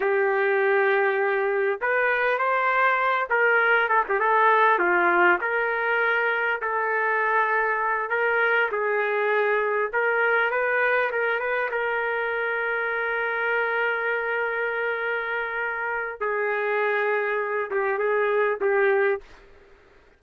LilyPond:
\new Staff \with { instrumentName = "trumpet" } { \time 4/4 \tempo 4 = 100 g'2. b'4 | c''4. ais'4 a'16 g'16 a'4 | f'4 ais'2 a'4~ | a'4. ais'4 gis'4.~ |
gis'8 ais'4 b'4 ais'8 b'8 ais'8~ | ais'1~ | ais'2. gis'4~ | gis'4. g'8 gis'4 g'4 | }